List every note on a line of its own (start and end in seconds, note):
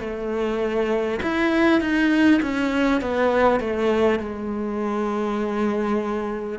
0.00 1.20 A3
1.23 1.81 E4
1.81 2.41 D#4
2.42 3.02 C#4
3.02 3.61 B3
3.61 4.19 A3
4.19 6.59 G#3